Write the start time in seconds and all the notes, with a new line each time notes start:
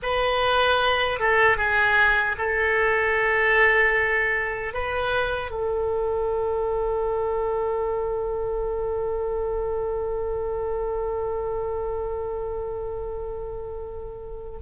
0.02 B4
1.19 A4
1.57 G#4
2.38 A4
4.73 B4
5.50 A4